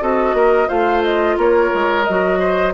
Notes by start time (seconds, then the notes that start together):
0.00 C4 F#4 A4 D#5
0.33 A#3 A#4
0.67 A3 F4 C5 F5
1.03 D#5
1.37 A#3 A#4 C#5
1.74 G#3
2.04 F#3 F#4 D#5
2.39 C5